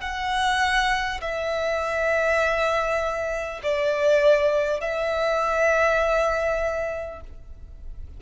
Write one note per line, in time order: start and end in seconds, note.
0.00 1.20 F#5
1.21 3.61 E5
3.63 4.80 D5
4.80 7.20 E5